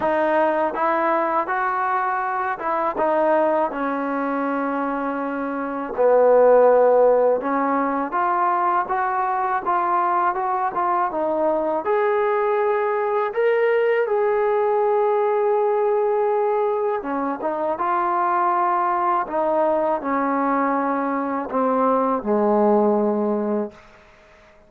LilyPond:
\new Staff \with { instrumentName = "trombone" } { \time 4/4 \tempo 4 = 81 dis'4 e'4 fis'4. e'8 | dis'4 cis'2. | b2 cis'4 f'4 | fis'4 f'4 fis'8 f'8 dis'4 |
gis'2 ais'4 gis'4~ | gis'2. cis'8 dis'8 | f'2 dis'4 cis'4~ | cis'4 c'4 gis2 | }